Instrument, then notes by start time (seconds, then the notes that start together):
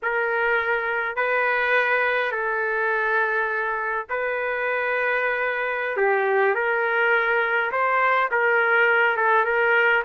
trumpet
0.02 A#4
1.16 B4
2.31 A4
4.09 B4
5.97 G4
6.54 A#4
7.71 C5
8.31 A#4
9.16 A4
9.44 A#4